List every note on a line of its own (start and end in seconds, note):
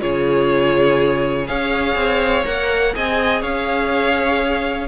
0.00 1.49 C#3
0.00 1.46 F4
0.00 1.48 G#4
0.00 1.47 C#5
1.47 1.96 C#4
1.47 2.45 G#4
1.47 2.94 C#5
1.47 2.45 F5
1.96 2.44 C4
2.45 2.95 A#3
2.45 2.94 A#4
2.45 2.95 F#5
2.94 3.43 C4
2.94 4.88 G#4
2.94 3.41 D#5
2.94 3.42 G#5
3.41 4.88 C#4
3.41 4.88 C#5
3.41 4.88 F5